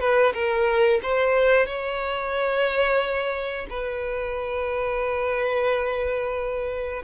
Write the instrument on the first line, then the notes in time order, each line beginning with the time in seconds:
violin
0.00 B4
0.34 A#4
1.03 C5
1.67 C#5
3.70 B4